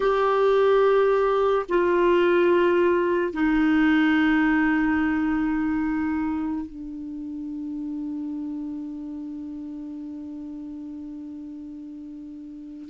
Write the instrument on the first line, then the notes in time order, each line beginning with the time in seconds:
clarinet
0.00 G4
1.69 F4
3.33 D#4
6.66 D4